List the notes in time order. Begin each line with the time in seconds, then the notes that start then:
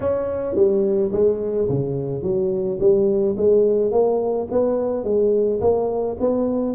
0.00 C#4
0.55 G3
1.12 G#3
1.69 C#3
2.22 F#3
2.80 G3
3.37 G#3
3.91 A#3
4.51 B3
5.04 G#3
5.60 A#3
6.20 B3